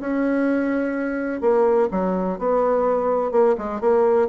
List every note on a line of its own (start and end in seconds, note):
0.00 1.41 C#4
1.41 1.89 A#3
1.91 2.39 F#3
2.39 3.31 B3
3.31 3.55 A#3
3.58 3.81 G#3
3.81 4.28 A#3